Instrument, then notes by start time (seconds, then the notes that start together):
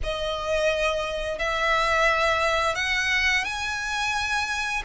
violin
0.03 D#5
1.38 E5
2.75 F#5
3.44 G#5